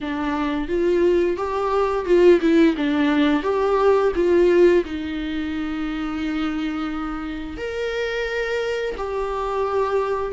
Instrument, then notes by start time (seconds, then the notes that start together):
viola
0.00 D4
0.67 F4
1.36 G4
2.05 F4
2.40 E4
2.76 D4
3.43 G4
4.15 F4
4.84 D#4
7.57 A#4
8.97 G4